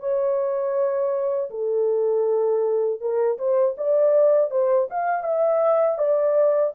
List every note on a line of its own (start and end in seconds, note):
0.00 1.50 C#5
1.50 3.00 A4
3.00 3.38 A#4
3.38 3.75 C5
3.77 4.51 D5
4.51 4.88 C5
4.90 5.23 F5
5.23 5.98 E5
5.98 6.73 D5